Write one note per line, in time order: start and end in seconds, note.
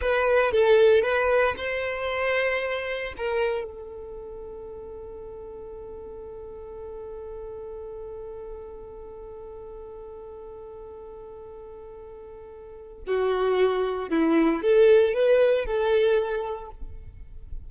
0.01 0.51 B4
0.51 1.02 A4
1.02 1.54 B4
1.57 3.13 C5
3.17 3.64 A#4
3.64 13.03 A4
13.07 14.09 F#4
14.09 14.62 E4
14.62 15.13 A4
15.13 15.65 B4
15.65 16.70 A4